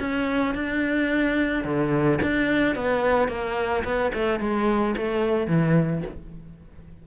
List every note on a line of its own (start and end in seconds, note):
0.00 0.55 C#4
0.55 1.64 D4
1.64 2.19 D3
2.22 2.75 D4
2.75 3.28 B3
3.28 3.83 A#3
3.84 4.12 B3
4.14 4.40 A3
4.40 4.95 G#3
4.97 5.47 A3
5.47 6.02 E3